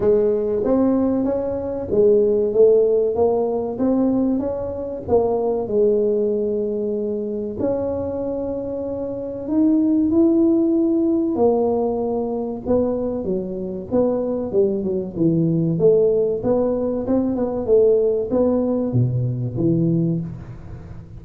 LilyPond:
\new Staff \with { instrumentName = "tuba" } { \time 4/4 \tempo 4 = 95 gis4 c'4 cis'4 gis4 | a4 ais4 c'4 cis'4 | ais4 gis2. | cis'2. dis'4 |
e'2 ais2 | b4 fis4 b4 g8 fis8 | e4 a4 b4 c'8 b8 | a4 b4 b,4 e4 | }